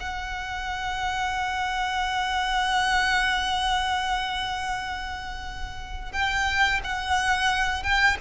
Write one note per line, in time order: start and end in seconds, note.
0.00 6.13 F#5
6.13 6.81 G5
6.84 7.83 F#5
7.83 8.17 G5